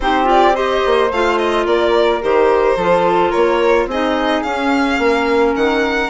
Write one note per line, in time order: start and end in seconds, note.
0.00 0.81 C4
0.00 0.24 D#4
0.00 0.55 G4
0.00 0.28 C5
0.24 0.52 F4
0.24 0.56 D5
0.54 1.10 G4
0.54 1.66 C5
0.54 1.11 D#5
0.85 1.11 A#3
1.11 1.65 A3
1.11 2.21 F4
1.11 1.38 F5
1.38 1.66 D#5
1.65 2.21 A#3
1.65 2.77 A#4
1.65 2.21 D5
2.21 2.75 D#3
2.21 2.77 G4
2.21 3.31 C5
2.75 3.31 F3
2.75 3.90 F4
2.75 3.30 A4
3.30 3.86 A#3
3.30 3.86 A#4
3.30 3.87 C#5
3.86 4.42 C4
3.86 4.46 D#4
3.86 5.00 G#4
3.86 4.43 D#5
4.43 4.98 C#4
4.43 6.09 C#4
4.43 5.54 F5
4.98 5.54 A#3
5.04 6.09 A#4
5.55 6.09 D#3
5.55 6.09 F#5